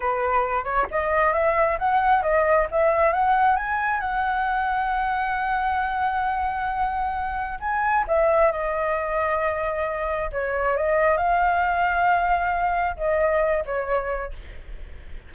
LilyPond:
\new Staff \with { instrumentName = "flute" } { \time 4/4 \tempo 4 = 134 b'4. cis''8 dis''4 e''4 | fis''4 dis''4 e''4 fis''4 | gis''4 fis''2.~ | fis''1~ |
fis''4 gis''4 e''4 dis''4~ | dis''2. cis''4 | dis''4 f''2.~ | f''4 dis''4. cis''4. | }